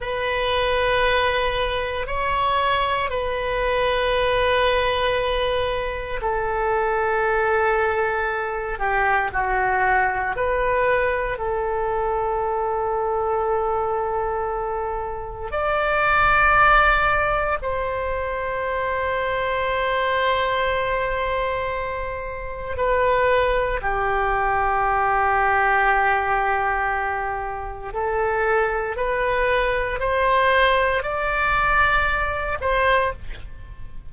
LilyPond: \new Staff \with { instrumentName = "oboe" } { \time 4/4 \tempo 4 = 58 b'2 cis''4 b'4~ | b'2 a'2~ | a'8 g'8 fis'4 b'4 a'4~ | a'2. d''4~ |
d''4 c''2.~ | c''2 b'4 g'4~ | g'2. a'4 | b'4 c''4 d''4. c''8 | }